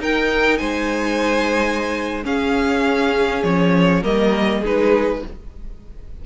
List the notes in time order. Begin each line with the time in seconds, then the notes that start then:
0.00 D#4 A#4 G5
0.58 G#3 C5 G#5
2.24 C#4 G#4 F5
3.43 F3 C#5
4.02 G3 A#3 A#4 D#5
4.60 G#3 D#4 G#4 B4